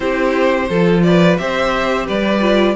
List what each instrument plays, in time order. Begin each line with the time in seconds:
0.00 cello C4, viola E4, violin G4 C5
0.69 cello F3, viola F4, violin A4
1.02 violin B4 D5
1.37 cello C4, viola G4, violin C5 E5
2.06 cello G3, violin B4 D5
2.40 viola F4